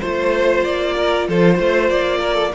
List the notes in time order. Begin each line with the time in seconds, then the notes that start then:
0.00 A3 F4 C5
0.64 A#3 D5
0.96 A#4
1.28 F3 A4 C5
1.55 A3 C5
1.90 A#3 D5
2.21 A#4
2.34 A4